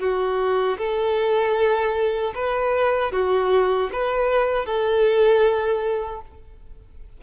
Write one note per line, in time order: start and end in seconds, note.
0.00 0.78 F#4
0.78 2.34 A4
2.35 3.12 B4
3.12 3.90 F#4
3.93 4.66 B4
4.66 6.22 A4